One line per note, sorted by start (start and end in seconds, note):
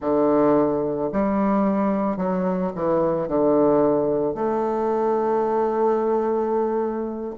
0.00 1.10 D3
1.12 2.17 G3
2.17 2.71 F#3
2.75 3.28 E3
3.28 4.34 D3
4.34 7.34 A3